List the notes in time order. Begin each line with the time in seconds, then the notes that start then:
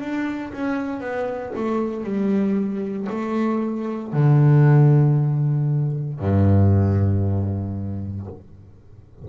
0.00 D4
0.53 C#4
1.00 B3
1.56 A3
2.04 G3
3.09 A3
4.13 D3
6.19 G2